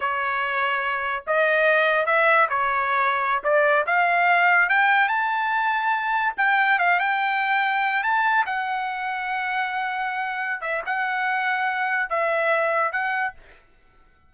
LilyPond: \new Staff \with { instrumentName = "trumpet" } { \time 4/4 \tempo 4 = 144 cis''2. dis''4~ | dis''4 e''4 cis''2~ | cis''16 d''4 f''2 g''8.~ | g''16 a''2. g''8.~ |
g''16 f''8 g''2~ g''8 a''8.~ | a''16 fis''2.~ fis''8.~ | fis''4. e''8 fis''2~ | fis''4 e''2 fis''4 | }